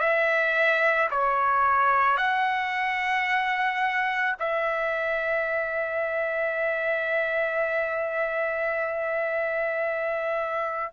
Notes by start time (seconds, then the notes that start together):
0.00 E5
1.11 C#5
2.17 F#5
4.39 E5